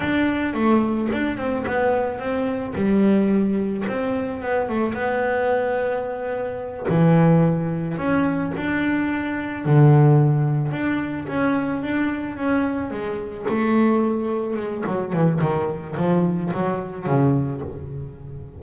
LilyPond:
\new Staff \with { instrumentName = "double bass" } { \time 4/4 \tempo 4 = 109 d'4 a4 d'8 c'8 b4 | c'4 g2 c'4 | b8 a8 b2.~ | b8 e2 cis'4 d'8~ |
d'4. d2 d'8~ | d'8 cis'4 d'4 cis'4 gis8~ | gis8 a2 gis8 fis8 e8 | dis4 f4 fis4 cis4 | }